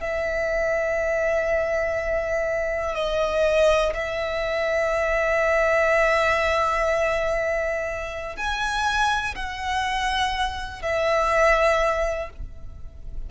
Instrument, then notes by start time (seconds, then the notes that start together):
violin
0.00 E5
2.94 D#5
3.93 E5
8.36 G#5
9.35 F#5
10.82 E5